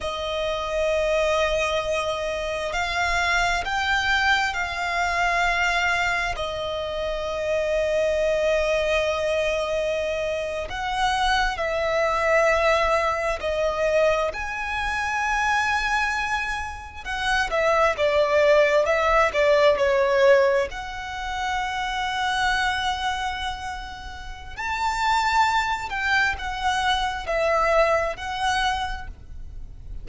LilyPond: \new Staff \with { instrumentName = "violin" } { \time 4/4 \tempo 4 = 66 dis''2. f''4 | g''4 f''2 dis''4~ | dis''2.~ dis''8. fis''16~ | fis''8. e''2 dis''4 gis''16~ |
gis''2~ gis''8. fis''8 e''8 d''16~ | d''8. e''8 d''8 cis''4 fis''4~ fis''16~ | fis''2. a''4~ | a''8 g''8 fis''4 e''4 fis''4 | }